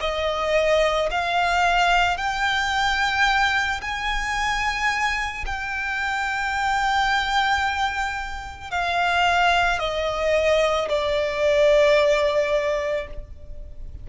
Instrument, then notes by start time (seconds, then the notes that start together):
violin
0.00 D#5
1.11 F5
2.17 G5
3.81 G#5
5.46 G5
8.71 F5
9.79 D#5
10.88 D5